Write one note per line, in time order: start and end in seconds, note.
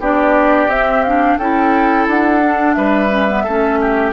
0.00 0.67 B3
0.00 0.70 D4
0.00 1.38 G4
0.00 0.70 D5
0.67 1.36 C4
0.67 1.05 C4
0.67 1.03 E5
1.03 1.41 D4
1.03 1.38 F5
1.38 2.07 C#4
1.38 2.41 E4
1.38 2.76 A4
1.38 2.07 G5
2.07 2.76 D4
2.07 2.74 F#5
2.41 3.09 D4
2.74 3.46 G3
2.74 3.44 B4
2.74 4.12 E5
3.09 3.27 C#4
3.28 3.46 B3
3.44 4.13 A3
3.44 4.13 C#4
3.44 3.78 A4
3.81 4.13 G4